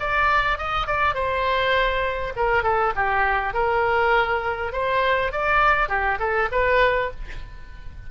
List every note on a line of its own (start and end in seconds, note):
0.00 0.58 D5
0.58 0.87 D#5
0.87 1.14 D5
1.14 2.33 C5
2.36 2.63 A#4
2.63 2.93 A4
2.95 3.54 G4
3.54 4.73 A#4
4.73 5.32 C5
5.32 5.89 D5
5.89 6.19 G4
6.19 6.49 A4
6.52 7.11 B4